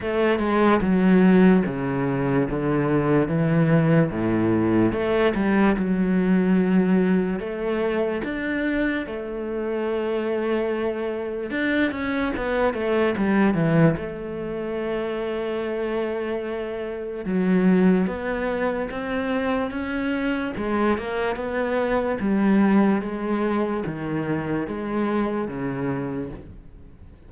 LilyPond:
\new Staff \with { instrumentName = "cello" } { \time 4/4 \tempo 4 = 73 a8 gis8 fis4 cis4 d4 | e4 a,4 a8 g8 fis4~ | fis4 a4 d'4 a4~ | a2 d'8 cis'8 b8 a8 |
g8 e8 a2.~ | a4 fis4 b4 c'4 | cis'4 gis8 ais8 b4 g4 | gis4 dis4 gis4 cis4 | }